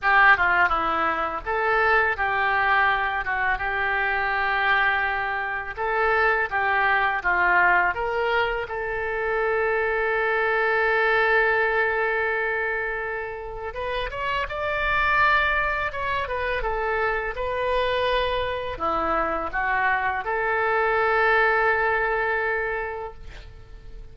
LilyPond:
\new Staff \with { instrumentName = "oboe" } { \time 4/4 \tempo 4 = 83 g'8 f'8 e'4 a'4 g'4~ | g'8 fis'8 g'2. | a'4 g'4 f'4 ais'4 | a'1~ |
a'2. b'8 cis''8 | d''2 cis''8 b'8 a'4 | b'2 e'4 fis'4 | a'1 | }